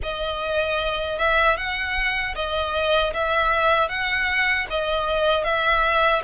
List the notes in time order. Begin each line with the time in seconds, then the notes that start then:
0.02 D#5
1.18 E5
1.56 F#5
2.35 D#5
3.13 E5
3.89 F#5
4.70 D#5
5.44 E5